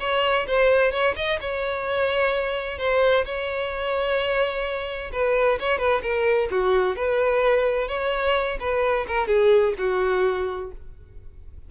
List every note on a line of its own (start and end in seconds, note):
0.00 0.47 C#5
0.47 0.92 C5
0.92 1.15 C#5
1.16 1.39 D#5
1.41 2.78 C#5
2.78 3.25 C5
3.25 5.11 C#5
5.12 5.59 B4
5.59 5.78 C#5
5.78 6.01 B4
6.02 6.49 A#4
6.51 6.96 F#4
6.96 7.88 B4
7.88 8.58 C#5
8.60 9.06 B4
9.07 9.27 A#4
9.27 9.74 G#4
9.78 10.71 F#4